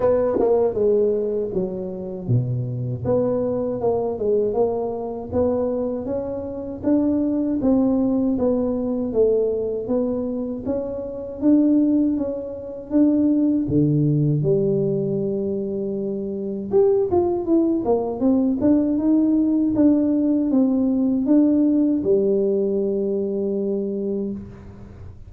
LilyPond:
\new Staff \with { instrumentName = "tuba" } { \time 4/4 \tempo 4 = 79 b8 ais8 gis4 fis4 b,4 | b4 ais8 gis8 ais4 b4 | cis'4 d'4 c'4 b4 | a4 b4 cis'4 d'4 |
cis'4 d'4 d4 g4~ | g2 g'8 f'8 e'8 ais8 | c'8 d'8 dis'4 d'4 c'4 | d'4 g2. | }